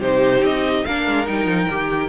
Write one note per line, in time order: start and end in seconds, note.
0.00 0.41 C3
0.00 0.87 D#4
0.00 0.85 G4
0.00 0.44 C5
0.41 0.84 C4
0.41 0.85 D#5
0.85 1.07 A#3
0.85 1.26 D4
0.85 2.09 A#4
0.85 1.27 F5
1.07 1.28 G#3
1.26 1.46 G3
1.26 1.68 D#4
1.26 2.09 G5
1.46 1.67 F3
1.70 2.09 D#3
1.70 2.09 G4